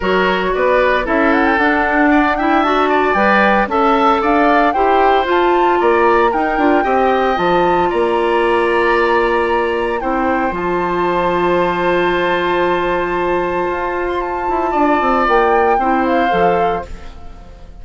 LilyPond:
<<
  \new Staff \with { instrumentName = "flute" } { \time 4/4 \tempo 4 = 114 cis''4 d''4 e''8 fis''16 g''16 fis''4~ | fis''8 g''8 a''4 g''4 a''4 | f''4 g''4 a''4 ais''4 | g''2 a''4 ais''4~ |
ais''2. g''4 | a''1~ | a''2~ a''8. c'''16 a''4~ | a''4 g''4. f''4. | }
  \new Staff \with { instrumentName = "oboe" } { \time 4/4 ais'4 b'4 a'2 | d''8 e''4 d''4. e''4 | d''4 c''2 d''4 | ais'4 dis''2 d''4~ |
d''2. c''4~ | c''1~ | c''1 | d''2 c''2 | }
  \new Staff \with { instrumentName = "clarinet" } { \time 4/4 fis'2 e'4 d'4~ | d'8 e'8 fis'4 b'4 a'4~ | a'4 g'4 f'2 | dis'8 f'8 g'4 f'2~ |
f'2. e'4 | f'1~ | f'1~ | f'2 e'4 a'4 | }
  \new Staff \with { instrumentName = "bassoon" } { \time 4/4 fis4 b4 cis'4 d'4~ | d'2 g4 cis'4 | d'4 e'4 f'4 ais4 | dis'8 d'8 c'4 f4 ais4~ |
ais2. c'4 | f1~ | f2 f'4. e'8 | d'8 c'8 ais4 c'4 f4 | }
>>